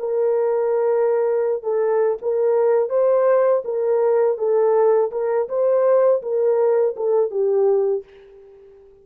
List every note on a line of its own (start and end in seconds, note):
0.00 1.63 A#4
1.63 2.18 A4
2.22 2.90 A#4
2.90 3.63 C5
3.65 4.38 A#4
4.38 5.12 A4
5.12 5.48 A#4
5.49 6.22 C5
6.23 6.96 A#4
6.96 7.31 A4
7.31 8.04 G4